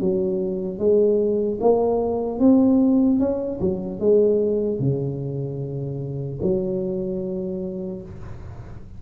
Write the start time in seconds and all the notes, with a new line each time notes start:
0.00 F#3
0.78 G#3
1.61 A#3
2.39 C4
3.19 C#4
3.60 F#3
4.00 G#3
4.79 C#3
6.42 F#3